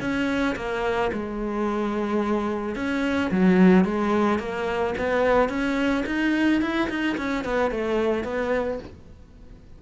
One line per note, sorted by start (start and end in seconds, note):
0.00 0.55 C#4
0.56 1.11 A#3
1.12 2.75 G#3
2.75 3.30 C#4
3.31 3.84 F#3
3.84 4.39 G#3
4.39 4.94 A#3
4.97 5.49 B3
5.49 6.04 C#4
6.06 6.61 D#4
6.61 6.89 E4
6.89 7.16 D#4
7.17 7.44 C#4
7.44 7.71 B3
7.71 8.24 A3
8.24 8.79 B3